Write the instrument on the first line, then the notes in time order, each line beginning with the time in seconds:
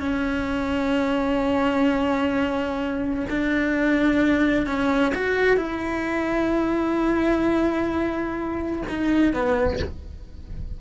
cello
0.00 C#4
3.29 D4
4.66 C#4
5.15 F#4
5.57 E4
8.89 D#4
9.33 B3